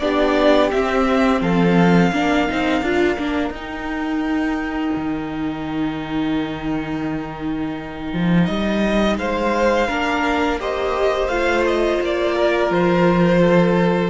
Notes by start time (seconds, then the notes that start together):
0.00 B3 D4 G4 D5
0.72 C4 E5
1.42 F3 A4 F5
2.13 A#3 D4 A#4
2.49 C4 D#4
2.82 D4 F4
3.18 A#3 D4
3.50 D#4 G5
4.96 D#3
8.13 F3
8.46 G3 D#5
9.19 G#3 C5 F5
9.88 A#3 D4 A#4
10.60 G4 C5 D#5
11.29 A3 F4 F5
11.67 D#5
12.02 A#3 D5
12.35 A#4
12.71 F3 C5
13.42 A4